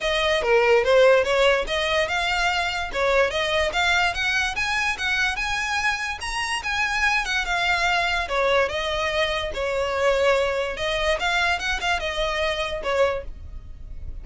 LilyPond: \new Staff \with { instrumentName = "violin" } { \time 4/4 \tempo 4 = 145 dis''4 ais'4 c''4 cis''4 | dis''4 f''2 cis''4 | dis''4 f''4 fis''4 gis''4 | fis''4 gis''2 ais''4 |
gis''4. fis''8 f''2 | cis''4 dis''2 cis''4~ | cis''2 dis''4 f''4 | fis''8 f''8 dis''2 cis''4 | }